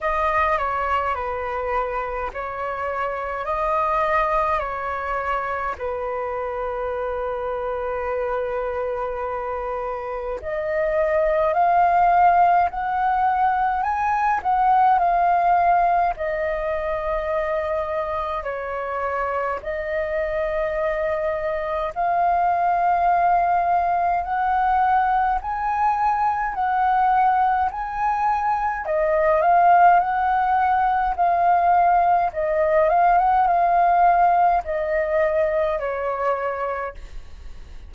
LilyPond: \new Staff \with { instrumentName = "flute" } { \time 4/4 \tempo 4 = 52 dis''8 cis''8 b'4 cis''4 dis''4 | cis''4 b'2.~ | b'4 dis''4 f''4 fis''4 | gis''8 fis''8 f''4 dis''2 |
cis''4 dis''2 f''4~ | f''4 fis''4 gis''4 fis''4 | gis''4 dis''8 f''8 fis''4 f''4 | dis''8 f''16 fis''16 f''4 dis''4 cis''4 | }